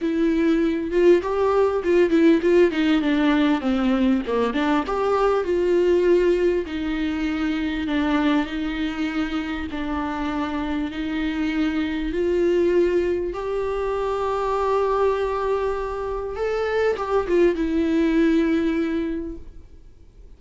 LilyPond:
\new Staff \with { instrumentName = "viola" } { \time 4/4 \tempo 4 = 99 e'4. f'8 g'4 f'8 e'8 | f'8 dis'8 d'4 c'4 ais8 d'8 | g'4 f'2 dis'4~ | dis'4 d'4 dis'2 |
d'2 dis'2 | f'2 g'2~ | g'2. a'4 | g'8 f'8 e'2. | }